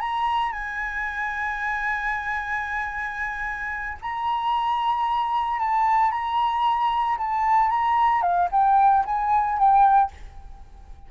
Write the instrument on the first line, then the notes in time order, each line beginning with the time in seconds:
flute
0.00 A#5
0.52 G#5
4.02 A#5
5.59 A5
6.11 A#5
7.18 A5
7.70 A#5
8.22 F5
8.51 G5
9.05 G#5
9.58 G5